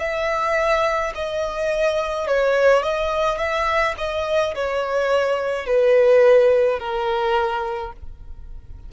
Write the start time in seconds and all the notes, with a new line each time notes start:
0.00 E5
1.15 D#5
2.27 C#5
2.84 D#5
3.39 E5
3.98 D#5
4.55 C#5
5.67 B4
6.80 A#4